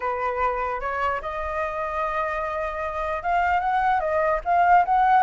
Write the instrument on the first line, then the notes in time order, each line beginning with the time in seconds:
flute
0.00 B4
0.80 C#5
1.21 D#5
3.22 F5
3.60 F#5
3.99 D#5
4.44 F5
4.85 F#5